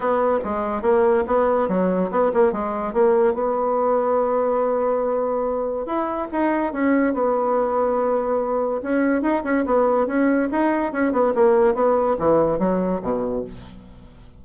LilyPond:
\new Staff \with { instrumentName = "bassoon" } { \time 4/4 \tempo 4 = 143 b4 gis4 ais4 b4 | fis4 b8 ais8 gis4 ais4 | b1~ | b2 e'4 dis'4 |
cis'4 b2.~ | b4 cis'4 dis'8 cis'8 b4 | cis'4 dis'4 cis'8 b8 ais4 | b4 e4 fis4 b,4 | }